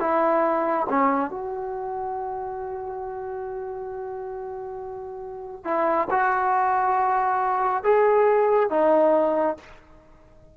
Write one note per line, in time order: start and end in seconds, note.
0.00 0.87 E4
0.89 1.31 C#4
1.31 5.65 F#4
5.65 6.08 E4
6.10 7.84 F#4
7.84 8.70 G#4
8.70 9.57 D#4